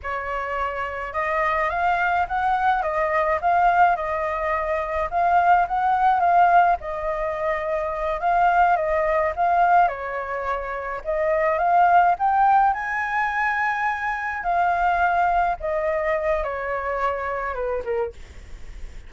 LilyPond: \new Staff \with { instrumentName = "flute" } { \time 4/4 \tempo 4 = 106 cis''2 dis''4 f''4 | fis''4 dis''4 f''4 dis''4~ | dis''4 f''4 fis''4 f''4 | dis''2~ dis''8 f''4 dis''8~ |
dis''8 f''4 cis''2 dis''8~ | dis''8 f''4 g''4 gis''4.~ | gis''4. f''2 dis''8~ | dis''4 cis''2 b'8 ais'8 | }